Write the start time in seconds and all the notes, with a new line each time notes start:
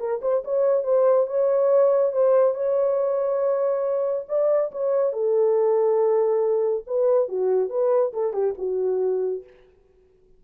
0.00 A#4
0.22 C5
0.45 C#5
0.84 C5
1.27 C#5
2.13 C5
2.55 C#5
4.29 D5
4.72 C#5
5.14 A4
6.87 B4
7.29 F#4
7.70 B4
8.14 A4
8.34 G4
8.59 F#4